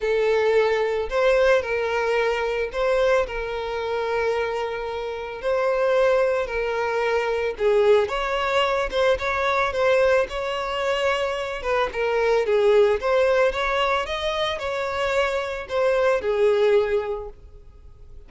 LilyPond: \new Staff \with { instrumentName = "violin" } { \time 4/4 \tempo 4 = 111 a'2 c''4 ais'4~ | ais'4 c''4 ais'2~ | ais'2 c''2 | ais'2 gis'4 cis''4~ |
cis''8 c''8 cis''4 c''4 cis''4~ | cis''4. b'8 ais'4 gis'4 | c''4 cis''4 dis''4 cis''4~ | cis''4 c''4 gis'2 | }